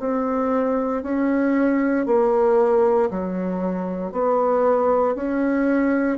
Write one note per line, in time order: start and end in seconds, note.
0.00 1.03 C4
1.03 2.06 C#4
2.06 3.10 A#3
3.11 4.12 F#3
4.12 5.15 B3
5.15 6.18 C#4